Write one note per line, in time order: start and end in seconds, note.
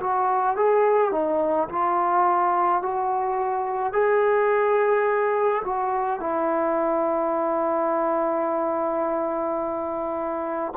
0.00 0.56 F#4
0.56 1.12 G#4
1.12 1.68 D#4
1.69 2.82 F4
2.82 3.93 F#4
3.93 5.62 G#4
5.64 6.20 F#4
6.20 10.73 E4